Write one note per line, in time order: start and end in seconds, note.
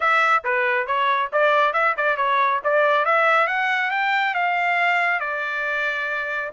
0.00 0.43 E5
0.44 0.86 B4
0.86 1.30 C#5
1.32 1.73 D5
1.73 1.95 E5
1.96 2.16 D5
2.16 2.60 C#5
2.63 3.05 D5
3.05 3.47 E5
3.47 3.90 F#5
3.91 4.34 G5
4.34 5.20 F5
5.20 6.50 D5